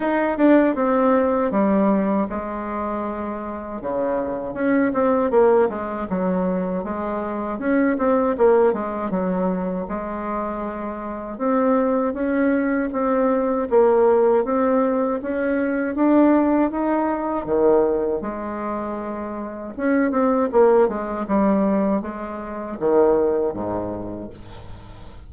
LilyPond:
\new Staff \with { instrumentName = "bassoon" } { \time 4/4 \tempo 4 = 79 dis'8 d'8 c'4 g4 gis4~ | gis4 cis4 cis'8 c'8 ais8 gis8 | fis4 gis4 cis'8 c'8 ais8 gis8 | fis4 gis2 c'4 |
cis'4 c'4 ais4 c'4 | cis'4 d'4 dis'4 dis4 | gis2 cis'8 c'8 ais8 gis8 | g4 gis4 dis4 gis,4 | }